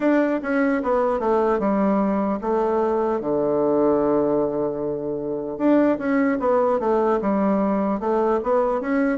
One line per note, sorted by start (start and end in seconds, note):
0.00 0.40 D4
0.42 0.82 C#4
0.83 1.19 B3
1.19 1.59 A3
1.59 2.39 G3
2.41 3.20 A3
3.20 5.58 D3
5.58 5.98 D4
5.98 6.38 C#4
6.39 6.79 B3
6.79 7.19 A3
7.21 8.00 G3
8.00 8.40 A3
8.43 8.80 B3
8.80 9.18 C#4